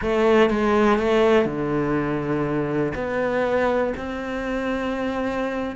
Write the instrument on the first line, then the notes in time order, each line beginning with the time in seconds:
cello
0.01 A3
0.50 G#3
0.98 A3
1.45 D3
2.94 B3
3.96 C4